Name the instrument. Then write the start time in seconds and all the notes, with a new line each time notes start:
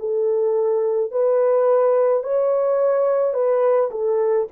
horn
0.00 A4
1.12 B4
2.24 C#5
3.34 B4
3.92 A4